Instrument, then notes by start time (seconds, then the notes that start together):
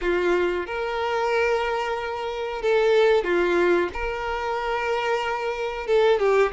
violin
0.01 F4
0.66 A#4
2.61 A4
3.24 F4
3.93 A#4
5.87 A4
6.19 G4